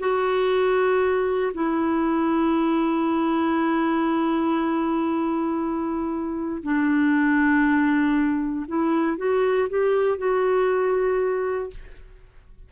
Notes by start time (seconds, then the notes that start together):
0.00 F#4
1.54 E4
6.63 D4
8.68 E4
9.18 F#4
9.69 G4
10.18 F#4